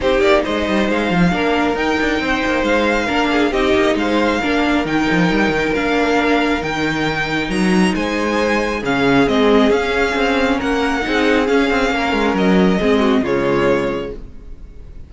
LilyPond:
<<
  \new Staff \with { instrumentName = "violin" } { \time 4/4 \tempo 4 = 136 c''8 d''8 dis''4 f''2 | g''2 f''2 | dis''4 f''2 g''4~ | g''4 f''2 g''4~ |
g''4 ais''4 gis''2 | f''4 dis''4 f''2 | fis''2 f''2 | dis''2 cis''2 | }
  \new Staff \with { instrumentName = "violin" } { \time 4/4 g'4 c''2 ais'4~ | ais'4 c''2 ais'8 gis'8 | g'4 c''4 ais'2~ | ais'1~ |
ais'2 c''2 | gis'1 | ais'4 gis'2 ais'4~ | ais'4 gis'8 fis'8 f'2 | }
  \new Staff \with { instrumentName = "viola" } { \time 4/4 dis'2. d'4 | dis'2. d'4 | dis'2 d'4 dis'4~ | dis'4 d'2 dis'4~ |
dis'1 | cis'4 c'4 cis'2~ | cis'4 dis'4 cis'2~ | cis'4 c'4 gis2 | }
  \new Staff \with { instrumentName = "cello" } { \time 4/4 c'8 ais8 gis8 g8 gis8 f8 ais4 | dis'8 d'8 c'8 ais8 gis4 ais4 | c'8 ais8 gis4 ais4 dis8 f8 | g8 dis8 ais2 dis4~ |
dis4 fis4 gis2 | cis4 gis4 cis'4 c'4 | ais4 c'4 cis'8 c'8 ais8 gis8 | fis4 gis4 cis2 | }
>>